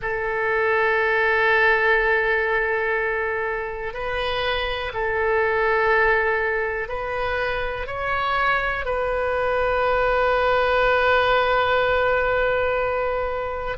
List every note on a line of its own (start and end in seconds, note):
0.01 3.93 A4
3.93 4.92 B4
4.93 6.88 A4
6.88 7.86 B4
7.86 8.85 C#5
8.85 13.77 B4